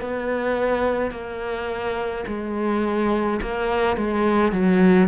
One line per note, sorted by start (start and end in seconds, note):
0.00 1.11 B3
1.11 2.24 A#3
2.27 3.40 G#3
3.41 3.96 A#3
3.96 4.51 G#3
4.51 5.08 F#3